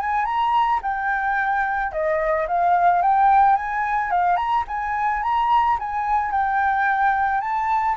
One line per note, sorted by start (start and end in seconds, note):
0.00 0.25 G#5
0.25 0.80 A#5
0.83 1.92 G5
1.92 2.47 D#5
2.48 3.02 F5
3.02 3.56 G5
3.56 4.11 G#5
4.11 4.37 F5
4.37 4.64 A#5
4.68 5.23 G#5
5.23 5.78 A#5
5.79 6.31 G#5
6.31 7.41 G5
7.41 7.96 A5